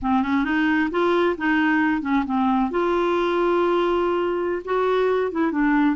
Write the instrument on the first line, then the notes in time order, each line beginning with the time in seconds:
clarinet
0.02 C4
0.22 C#4
0.44 D#4
0.90 F4
1.37 D#4
2.01 C#4
2.25 C4
2.70 F4
4.64 F#4
5.31 E4
5.51 D4